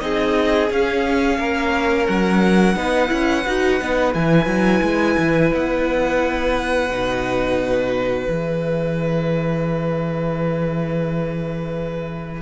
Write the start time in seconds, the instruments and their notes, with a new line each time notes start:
0.00 cello C4, viola D#4, violin G#4 D#5
0.70 cello C#4, viola C#4, violin F5
1.39 cello A#3, violin A#4
2.07 cello F#3, violin F#5
2.76 cello B3, viola D#4, violin B4
3.08 cello C#4, viola E4
3.46 cello D#4, viola F#4
3.81 cello B3, viola D#4
4.14 cello E3, viola E4, violin G#5
4.46 cello F#3
4.82 cello G#3
5.18 cello E3
5.54 cello B3, violin F#5
6.90 cello B2, viola D#4
8.29 cello E3, viola G#4, violin E5